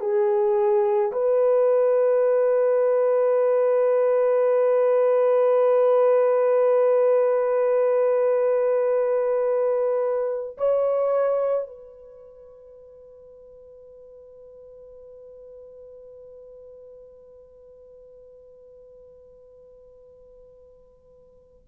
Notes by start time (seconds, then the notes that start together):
0.00 G#4
1.12 B4
10.57 C#5
11.67 B4